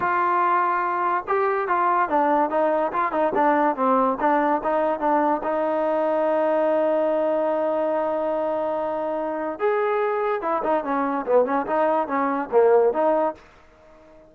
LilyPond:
\new Staff \with { instrumentName = "trombone" } { \time 4/4 \tempo 4 = 144 f'2. g'4 | f'4 d'4 dis'4 f'8 dis'8 | d'4 c'4 d'4 dis'4 | d'4 dis'2.~ |
dis'1~ | dis'2. gis'4~ | gis'4 e'8 dis'8 cis'4 b8 cis'8 | dis'4 cis'4 ais4 dis'4 | }